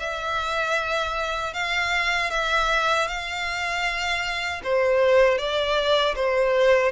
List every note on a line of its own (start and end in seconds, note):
0.00 1.54 E5
1.54 2.31 F5
2.31 3.08 E5
3.08 4.62 F5
4.64 5.38 C5
5.38 6.15 D5
6.16 6.93 C5